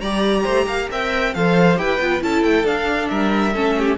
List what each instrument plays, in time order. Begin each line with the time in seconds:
0.00 cello G3, viola G4, violin D5 A#5
0.44 cello A3, violin C5
0.67 cello A#3, violin F5
0.90 cello C4, viola A#4, violin E5 G5
1.34 cello F3, viola A4, violin C5 F5
1.76 cello E4, viola G4, violin B4 G5
1.99 cello B3, viola F4
2.21 cello C#4, viola E4, violin A4 A5
2.43 cello A3, violin G5
2.64 cello D4, viola D4, violin F5
3.09 cello G3, violin A#4 E5
3.54 cello A3, viola C#4, violin A4
3.78 violin G4